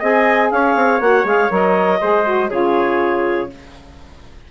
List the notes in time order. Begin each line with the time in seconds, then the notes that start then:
0.00 C4 G#4 D#5 G#5
0.51 C#4 C#5 F5
0.76 C4
1.01 A#3 F#4 F#5
1.24 G#3 G#4 F5
1.50 F#3 A#4 D#5
2.01 G#3 G#4 C5
2.24 F#4
2.50 C#3 F4 G#4 C#5